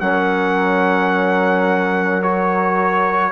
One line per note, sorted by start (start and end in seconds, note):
0.00 3.31 F#3
0.00 2.23 C#4
0.00 3.31 A#4
0.00 2.22 F#5
2.22 3.31 F#4
2.22 3.31 C#5